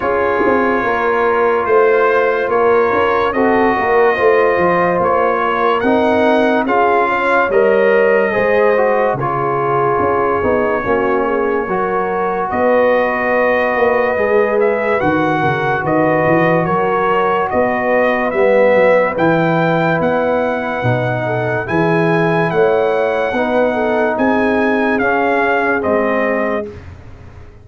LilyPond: <<
  \new Staff \with { instrumentName = "trumpet" } { \time 4/4 \tempo 4 = 72 cis''2 c''4 cis''4 | dis''2 cis''4 fis''4 | f''4 dis''2 cis''4~ | cis''2. dis''4~ |
dis''4. e''8 fis''4 dis''4 | cis''4 dis''4 e''4 g''4 | fis''2 gis''4 fis''4~ | fis''4 gis''4 f''4 dis''4 | }
  \new Staff \with { instrumentName = "horn" } { \time 4/4 gis'4 ais'4 c''4 ais'4 | a'8 ais'8 c''4. ais'4. | gis'8 cis''4. c''4 gis'4~ | gis'4 fis'8 gis'8 ais'4 b'4~ |
b'2~ b'8 ais'8 b'4 | ais'4 b'2.~ | b'4. a'8 gis'4 cis''4 | b'8 a'8 gis'2. | }
  \new Staff \with { instrumentName = "trombone" } { \time 4/4 f'1 | fis'4 f'2 dis'4 | f'4 ais'4 gis'8 fis'8 f'4~ | f'8 dis'8 cis'4 fis'2~ |
fis'4 gis'4 fis'2~ | fis'2 b4 e'4~ | e'4 dis'4 e'2 | dis'2 cis'4 c'4 | }
  \new Staff \with { instrumentName = "tuba" } { \time 4/4 cis'8 c'8 ais4 a4 ais8 cis'8 | c'8 ais8 a8 f8 ais4 c'4 | cis'4 g4 gis4 cis4 | cis'8 b8 ais4 fis4 b4~ |
b8 ais8 gis4 dis8 cis8 dis8 e8 | fis4 b4 g8 fis8 e4 | b4 b,4 e4 a4 | b4 c'4 cis'4 gis4 | }
>>